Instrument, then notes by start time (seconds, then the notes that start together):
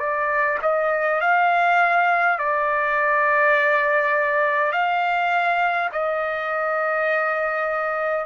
trumpet
0.00 D5
0.63 D#5
1.21 F5
2.39 D5
4.73 F5
5.93 D#5